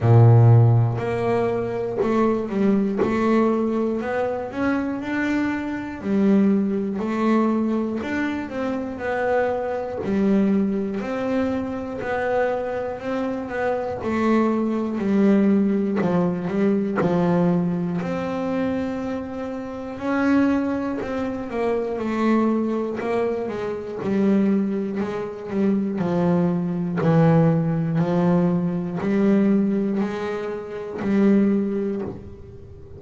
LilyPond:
\new Staff \with { instrumentName = "double bass" } { \time 4/4 \tempo 4 = 60 ais,4 ais4 a8 g8 a4 | b8 cis'8 d'4 g4 a4 | d'8 c'8 b4 g4 c'4 | b4 c'8 b8 a4 g4 |
f8 g8 f4 c'2 | cis'4 c'8 ais8 a4 ais8 gis8 | g4 gis8 g8 f4 e4 | f4 g4 gis4 g4 | }